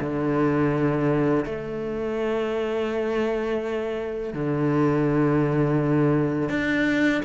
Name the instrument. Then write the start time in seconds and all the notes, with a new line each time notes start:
cello
0.00 D3
1.45 A3
4.33 D3
6.49 D4